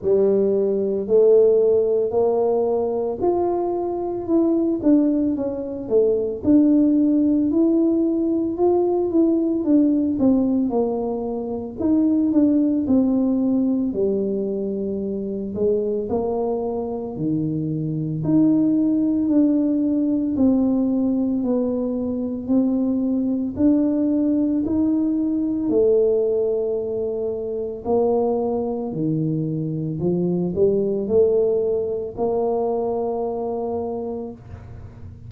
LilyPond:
\new Staff \with { instrumentName = "tuba" } { \time 4/4 \tempo 4 = 56 g4 a4 ais4 f'4 | e'8 d'8 cis'8 a8 d'4 e'4 | f'8 e'8 d'8 c'8 ais4 dis'8 d'8 | c'4 g4. gis8 ais4 |
dis4 dis'4 d'4 c'4 | b4 c'4 d'4 dis'4 | a2 ais4 dis4 | f8 g8 a4 ais2 | }